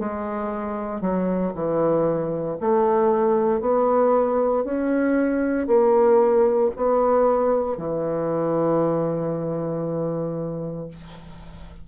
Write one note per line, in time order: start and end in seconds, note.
0.00 1.02 G#3
1.02 1.53 F#3
1.55 2.58 E3
2.61 3.61 A3
3.61 4.65 B3
4.65 5.68 C#4
5.68 6.71 A#3
6.77 7.78 B3
7.78 10.89 E3